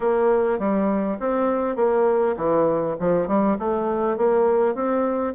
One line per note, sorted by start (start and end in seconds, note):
0.00 0.58 A#3
0.58 1.18 G3
1.19 1.76 C4
1.76 2.35 A#3
2.37 2.96 E3
2.99 3.27 F3
3.27 3.57 G3
3.58 4.17 A3
4.17 4.74 A#3
4.74 5.34 C4